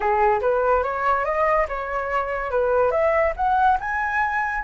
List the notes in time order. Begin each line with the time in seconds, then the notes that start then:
0.00 G#4
0.41 B4
0.83 C#5
1.25 D#5
1.68 C#5
2.50 B4
2.91 E5
3.36 F#5
3.80 G#5